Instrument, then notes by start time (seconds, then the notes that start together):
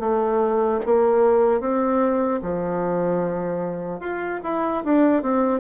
bassoon
0.00 A3
0.86 A#3
1.61 C4
2.43 F3
4.00 F4
4.44 E4
4.85 D4
5.23 C4